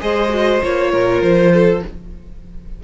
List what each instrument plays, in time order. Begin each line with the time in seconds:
0.00 cello G#3, viola G#4, violin C5 D#5
0.30 viola F#4
0.63 cello A#3, viola F4, violin C#5
0.92 cello A#2, violin A#4
1.21 cello F3, violin C5
1.53 violin A4